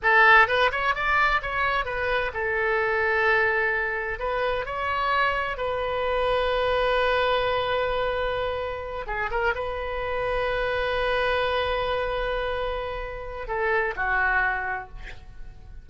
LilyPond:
\new Staff \with { instrumentName = "oboe" } { \time 4/4 \tempo 4 = 129 a'4 b'8 cis''8 d''4 cis''4 | b'4 a'2.~ | a'4 b'4 cis''2 | b'1~ |
b'2.~ b'8 gis'8 | ais'8 b'2.~ b'8~ | b'1~ | b'4 a'4 fis'2 | }